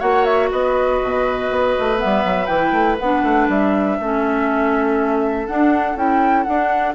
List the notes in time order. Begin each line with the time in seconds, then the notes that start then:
0.00 A#3 F#4 C#5 F#5
0.25 E5
0.51 B3 B4 D#5
1.03 B2
1.51 B3
1.79 A3
1.97 B3 E5
2.05 G3
2.25 F#3
2.46 E3 E4 G5
2.72 A3
2.99 B3 D4 F#5
3.23 A3
3.49 G3 E5
3.99 A3 C#4 A4
5.47 D4 F#5
5.96 C#4 E4 G5
6.44 D4 F#5